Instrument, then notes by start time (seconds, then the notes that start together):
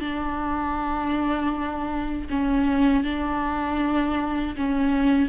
viola
0.00 D4
2.29 C#4
3.03 D4
4.56 C#4